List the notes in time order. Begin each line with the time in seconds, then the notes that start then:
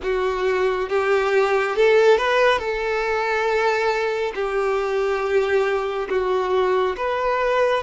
0.02 F#4
0.89 G4
1.75 A4
2.17 B4
2.58 A4
4.34 G4
6.09 F#4
6.96 B4